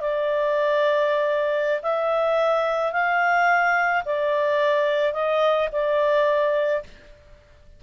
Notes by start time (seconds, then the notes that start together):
0.00 D5
1.82 E5
2.92 F5
4.05 D5
5.13 D#5
5.72 D5